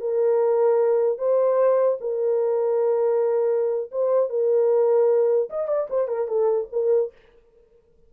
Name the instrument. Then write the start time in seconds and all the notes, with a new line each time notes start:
horn
0.00 A#4
1.18 C5
2.00 A#4
3.91 C5
4.29 A#4
5.49 D#5
5.68 D5
5.89 C5
6.08 A#4
6.27 A4
6.72 A#4